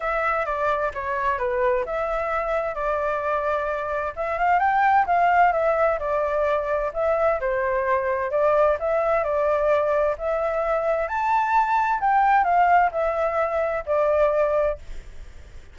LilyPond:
\new Staff \with { instrumentName = "flute" } { \time 4/4 \tempo 4 = 130 e''4 d''4 cis''4 b'4 | e''2 d''2~ | d''4 e''8 f''8 g''4 f''4 | e''4 d''2 e''4 |
c''2 d''4 e''4 | d''2 e''2 | a''2 g''4 f''4 | e''2 d''2 | }